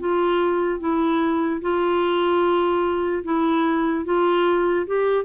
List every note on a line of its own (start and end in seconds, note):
0.00 0.80 F4
0.80 1.61 E4
1.61 3.24 F4
3.24 4.05 E4
4.05 4.86 F4
4.86 5.24 G4